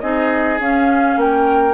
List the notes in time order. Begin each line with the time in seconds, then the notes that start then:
0.00 C4 D#4 G#4 D#5
0.59 C#4 F5
1.16 A#3 A#4 G5